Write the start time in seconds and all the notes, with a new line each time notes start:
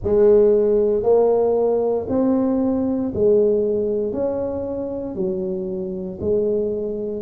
0.03 G#3
1.03 A#3
2.08 C4
3.14 G#3
4.12 C#4
5.15 F#3
6.20 G#3